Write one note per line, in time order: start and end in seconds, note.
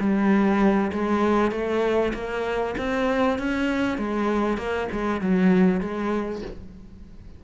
0.00 0.92 G3
0.93 1.51 G#3
1.51 2.13 A3
2.14 2.76 A#3
2.78 3.39 C4
3.39 3.98 C#4
3.98 4.58 G#3
4.58 4.88 A#3
4.92 5.21 G#3
5.21 5.81 F#3
5.81 6.42 G#3